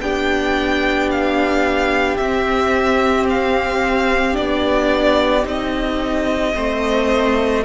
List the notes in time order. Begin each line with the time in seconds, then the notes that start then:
0.00 B3 D4 G4 G5
1.11 F5
2.17 C4 E5
3.30 F5
4.33 B3 D4 D5
5.44 C4 D#4 D#5
6.54 A3 C4 C5